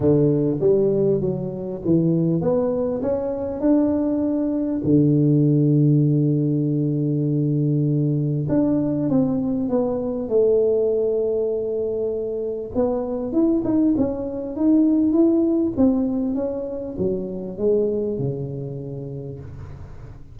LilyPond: \new Staff \with { instrumentName = "tuba" } { \time 4/4 \tempo 4 = 99 d4 g4 fis4 e4 | b4 cis'4 d'2 | d1~ | d2 d'4 c'4 |
b4 a2.~ | a4 b4 e'8 dis'8 cis'4 | dis'4 e'4 c'4 cis'4 | fis4 gis4 cis2 | }